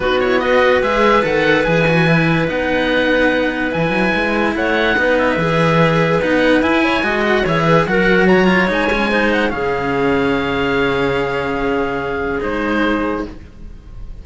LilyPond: <<
  \new Staff \with { instrumentName = "oboe" } { \time 4/4 \tempo 4 = 145 b'8 cis''8 dis''4 e''4 fis''4 | gis''2 fis''2~ | fis''4 gis''2 fis''4~ | fis''8 e''2~ e''8 fis''4 |
gis''4. fis''8 e''4 fis''4 | ais''4 gis''4. fis''8 f''4~ | f''1~ | f''2 c''2 | }
  \new Staff \with { instrumentName = "clarinet" } { \time 4/4 fis'4 b'2.~ | b'1~ | b'2. cis''4 | b'1~ |
b'8 cis''8 dis''4 cis''8 b'8 ais'4 | cis''2 c''4 gis'4~ | gis'1~ | gis'1 | }
  \new Staff \with { instrumentName = "cello" } { \time 4/4 dis'8 e'8 fis'4 gis'4 a'4 | gis'8 fis'8 e'4 dis'2~ | dis'4 e'2. | dis'4 gis'2 dis'4 |
e'4 fis'4 gis'4 fis'4~ | fis'8 f'8 dis'8 cis'8 dis'4 cis'4~ | cis'1~ | cis'2 dis'2 | }
  \new Staff \with { instrumentName = "cello" } { \time 4/4 b2 gis4 dis4 | e2 b2~ | b4 e8 fis8 gis4 a4 | b4 e2 b4 |
e'4 gis4 e4 fis4~ | fis4 gis2 cis4~ | cis1~ | cis2 gis2 | }
>>